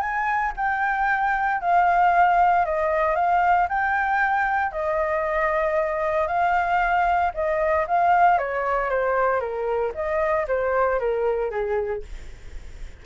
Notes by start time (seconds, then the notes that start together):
0.00 G#5
0.56 G5
1.61 F5
2.65 D#5
3.15 F5
3.68 G5
4.72 D#5
6.27 F5
7.34 D#5
7.87 F5
8.38 C#5
8.90 C5
9.40 A#4
9.94 D#5
10.48 C5
10.99 A#4
11.50 G#4